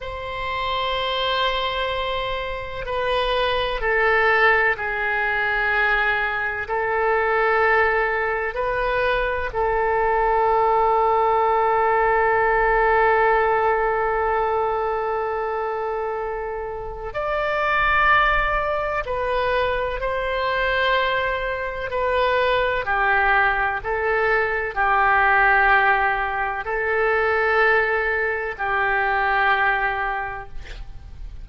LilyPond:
\new Staff \with { instrumentName = "oboe" } { \time 4/4 \tempo 4 = 63 c''2. b'4 | a'4 gis'2 a'4~ | a'4 b'4 a'2~ | a'1~ |
a'2 d''2 | b'4 c''2 b'4 | g'4 a'4 g'2 | a'2 g'2 | }